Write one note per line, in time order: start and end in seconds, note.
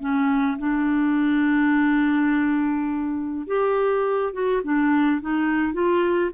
0.00 0.58 C#4
0.59 3.47 D4
3.47 4.33 G4
4.33 4.62 F#4
4.64 5.21 D4
5.21 5.73 D#4
5.73 6.31 F4